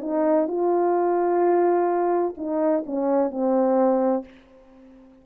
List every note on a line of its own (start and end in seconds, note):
0.00 0.47 D#4
0.47 2.34 F4
2.37 2.84 D#4
2.86 3.30 C#4
3.30 4.24 C4